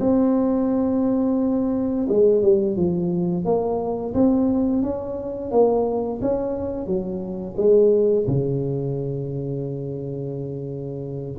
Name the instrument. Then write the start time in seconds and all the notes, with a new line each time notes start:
tuba
0.00 C4
2.08 G#3
2.42 G3
2.76 F3
3.45 A#3
4.13 C4
4.82 C#4
5.51 A#3
6.21 C#4
6.86 F#3
7.57 G#3
8.27 C#3